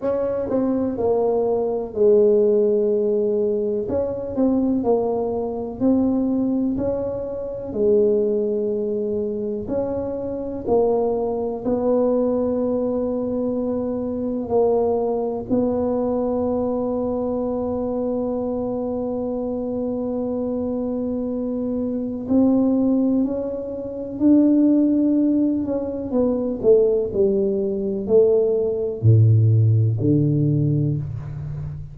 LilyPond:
\new Staff \with { instrumentName = "tuba" } { \time 4/4 \tempo 4 = 62 cis'8 c'8 ais4 gis2 | cis'8 c'8 ais4 c'4 cis'4 | gis2 cis'4 ais4 | b2. ais4 |
b1~ | b2. c'4 | cis'4 d'4. cis'8 b8 a8 | g4 a4 a,4 d4 | }